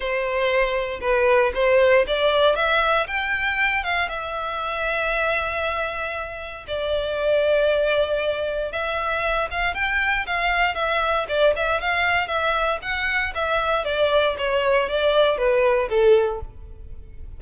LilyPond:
\new Staff \with { instrumentName = "violin" } { \time 4/4 \tempo 4 = 117 c''2 b'4 c''4 | d''4 e''4 g''4. f''8 | e''1~ | e''4 d''2.~ |
d''4 e''4. f''8 g''4 | f''4 e''4 d''8 e''8 f''4 | e''4 fis''4 e''4 d''4 | cis''4 d''4 b'4 a'4 | }